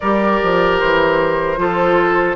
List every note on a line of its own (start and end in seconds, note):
0.00 0.41 G3
0.00 1.57 G4
0.00 1.59 A#4
0.00 0.78 D5
0.42 0.81 F3
0.78 1.57 E3
0.78 2.35 C5
1.57 2.35 F3
1.57 2.35 F4
1.57 2.35 A4